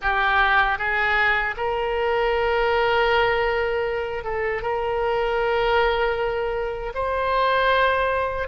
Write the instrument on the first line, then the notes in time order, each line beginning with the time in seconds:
oboe
0.01 G4
0.78 G#4
1.56 A#4
4.24 A4
4.62 A#4
6.94 C5